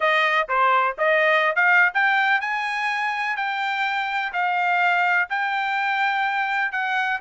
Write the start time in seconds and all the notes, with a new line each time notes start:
0.00 D#5
0.48 C5
0.98 D#5
1.55 F5
1.93 G5
2.40 G#5
3.36 G5
4.32 F5
5.29 G5
6.72 F#5